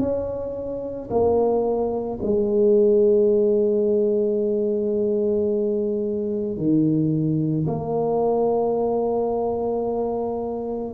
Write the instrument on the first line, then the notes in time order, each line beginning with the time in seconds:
tuba
0.00 C#4
1.11 A#3
2.23 G#3
6.58 D#3
7.68 A#3